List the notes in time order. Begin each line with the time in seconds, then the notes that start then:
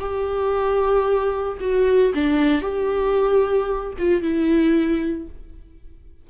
0.00 G4
1.61 F#4
2.15 D4
2.62 G4
3.99 F4
4.22 E4